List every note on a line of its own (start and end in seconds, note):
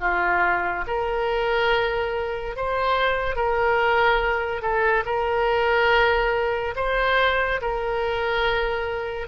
0.00 0.85 F4
0.87 2.56 A#4
2.56 3.36 C5
3.36 4.62 A#4
4.62 5.04 A4
5.06 6.75 A#4
6.76 7.61 C5
7.61 9.28 A#4